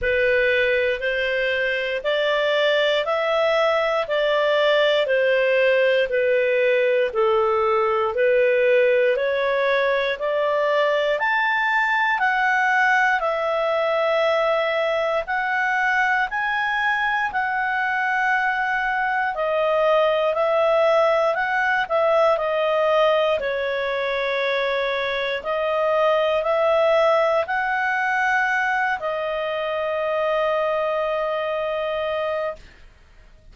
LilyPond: \new Staff \with { instrumentName = "clarinet" } { \time 4/4 \tempo 4 = 59 b'4 c''4 d''4 e''4 | d''4 c''4 b'4 a'4 | b'4 cis''4 d''4 a''4 | fis''4 e''2 fis''4 |
gis''4 fis''2 dis''4 | e''4 fis''8 e''8 dis''4 cis''4~ | cis''4 dis''4 e''4 fis''4~ | fis''8 dis''2.~ dis''8 | }